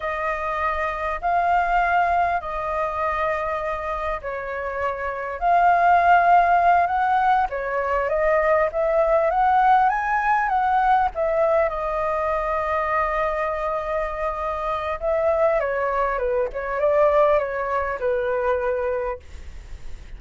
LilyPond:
\new Staff \with { instrumentName = "flute" } { \time 4/4 \tempo 4 = 100 dis''2 f''2 | dis''2. cis''4~ | cis''4 f''2~ f''8 fis''8~ | fis''8 cis''4 dis''4 e''4 fis''8~ |
fis''8 gis''4 fis''4 e''4 dis''8~ | dis''1~ | dis''4 e''4 cis''4 b'8 cis''8 | d''4 cis''4 b'2 | }